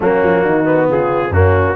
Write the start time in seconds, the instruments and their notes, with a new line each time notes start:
0.00 tuba F#3, trombone A#3, horn C#4, trumpet F#4
0.23 tuba F3
0.43 tuba D#3, horn D#4
0.64 trombone B3
0.89 tuba C#3, horn F4, trumpet G#4
1.29 tuba F#2, trombone A#3, horn C#4, trumpet F#4